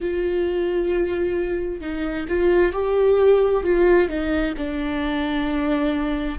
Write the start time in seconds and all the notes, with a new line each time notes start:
0.00 F4
1.81 D#4
2.28 F4
2.72 G4
3.63 F4
4.08 D#4
4.57 D4